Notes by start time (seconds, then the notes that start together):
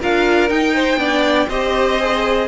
0.00 D4 F4 A#4 F5
0.49 D#4 G5
0.75 C5
0.97 B3 D4 D5
1.49 C4 G4 C5 D#5
2.00 G#4